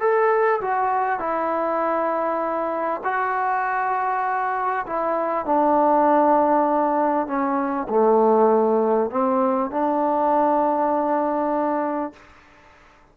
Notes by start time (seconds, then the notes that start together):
0.00 A4
0.61 F#4
1.19 E4
3.04 F#4
4.86 E4
5.45 D4
7.27 C#4
7.89 A3
9.10 C4
9.71 D4